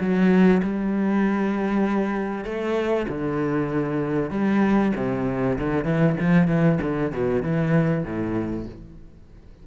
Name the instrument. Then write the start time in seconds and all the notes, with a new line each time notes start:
cello
0.00 F#3
0.63 G3
2.45 A3
3.09 D3
4.31 G3
4.96 C3
5.58 D3
5.85 E3
6.20 F3
6.48 E3
6.82 D3
7.12 B2
7.43 E3
8.04 A2